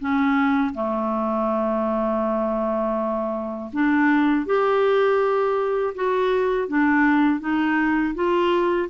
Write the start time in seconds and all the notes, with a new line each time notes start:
0.00 C#4
0.74 A3
3.73 D4
4.46 G4
5.95 F#4
6.68 D4
7.40 D#4
8.15 F4